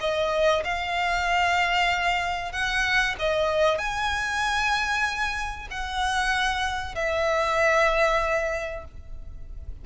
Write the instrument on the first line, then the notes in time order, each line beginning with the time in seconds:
violin
0.00 D#5
0.64 F5
2.52 F#5
3.19 D#5
3.78 G#5
5.70 F#5
6.95 E5